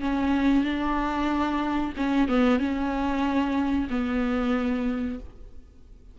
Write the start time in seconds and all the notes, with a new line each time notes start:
0.00 C#4
0.64 D4
1.96 C#4
2.28 B3
2.59 C#4
3.89 B3